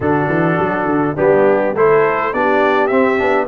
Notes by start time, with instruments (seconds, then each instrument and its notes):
0.00 tuba D3, trombone D4, horn F#4, trumpet A4
0.28 tuba E3
0.58 tuba F#3
0.85 tuba D3
1.15 tuba G3, trombone B3, horn D4, trumpet G4
1.74 tuba A3, trombone E4, horn A4, trumpet C5
2.33 tuba B3, trombone D4, horn G4, trumpet D5
2.87 trombone C4, tuba C4, trumpet E5
3.18 tuba B3, trombone D4